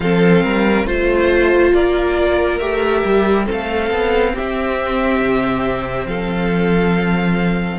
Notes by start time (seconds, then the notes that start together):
0.00 F3 C4 A4 F5
0.43 G3 A#4
0.84 A3 F4 C5
1.73 A#3 A#4 D5
2.58 A3 G4 E5
3.04 G3
3.44 C4 A4
3.51 A3 F5
3.90 B3
4.33 C4 G4 E5
5.19 C3
6.05 F3 A4 F5